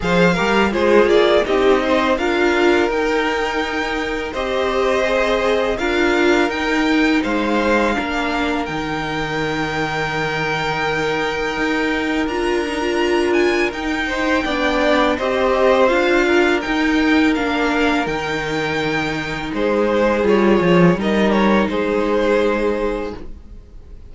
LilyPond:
<<
  \new Staff \with { instrumentName = "violin" } { \time 4/4 \tempo 4 = 83 f''4 c''8 d''8 dis''4 f''4 | g''2 dis''2 | f''4 g''4 f''2 | g''1~ |
g''4 ais''4. gis''8 g''4~ | g''4 dis''4 f''4 g''4 | f''4 g''2 c''4 | cis''4 dis''8 cis''8 c''2 | }
  \new Staff \with { instrumentName = "violin" } { \time 4/4 c''8 ais'8 gis'4 g'8 c''8 ais'4~ | ais'2 c''2 | ais'2 c''4 ais'4~ | ais'1~ |
ais'2.~ ais'8 c''8 | d''4 c''4. ais'4.~ | ais'2. gis'4~ | gis'4 ais'4 gis'2 | }
  \new Staff \with { instrumentName = "viola" } { \time 4/4 gis'8 g'8 f'4 dis'4 f'4 | dis'2 g'4 gis'4 | f'4 dis'2 d'4 | dis'1~ |
dis'4 f'8 dis'16 f'4~ f'16 dis'4 | d'4 g'4 f'4 dis'4 | d'4 dis'2. | f'4 dis'2. | }
  \new Staff \with { instrumentName = "cello" } { \time 4/4 f8 g8 gis8 ais8 c'4 d'4 | dis'2 c'2 | d'4 dis'4 gis4 ais4 | dis1 |
dis'4 d'2 dis'4 | b4 c'4 d'4 dis'4 | ais4 dis2 gis4 | g8 f8 g4 gis2 | }
>>